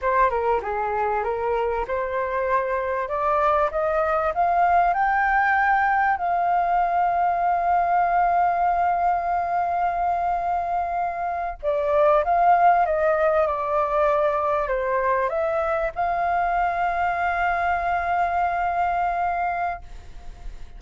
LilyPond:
\new Staff \with { instrumentName = "flute" } { \time 4/4 \tempo 4 = 97 c''8 ais'8 gis'4 ais'4 c''4~ | c''4 d''4 dis''4 f''4 | g''2 f''2~ | f''1~ |
f''2~ f''8. d''4 f''16~ | f''8. dis''4 d''2 c''16~ | c''8. e''4 f''2~ f''16~ | f''1 | }